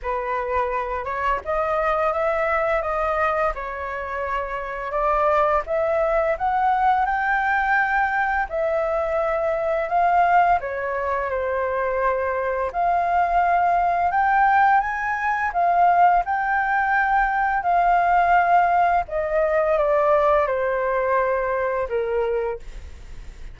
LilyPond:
\new Staff \with { instrumentName = "flute" } { \time 4/4 \tempo 4 = 85 b'4. cis''8 dis''4 e''4 | dis''4 cis''2 d''4 | e''4 fis''4 g''2 | e''2 f''4 cis''4 |
c''2 f''2 | g''4 gis''4 f''4 g''4~ | g''4 f''2 dis''4 | d''4 c''2 ais'4 | }